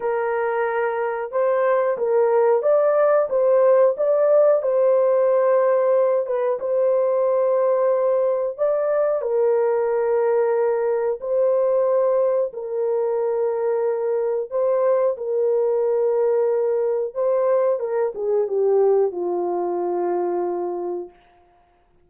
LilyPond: \new Staff \with { instrumentName = "horn" } { \time 4/4 \tempo 4 = 91 ais'2 c''4 ais'4 | d''4 c''4 d''4 c''4~ | c''4. b'8 c''2~ | c''4 d''4 ais'2~ |
ais'4 c''2 ais'4~ | ais'2 c''4 ais'4~ | ais'2 c''4 ais'8 gis'8 | g'4 f'2. | }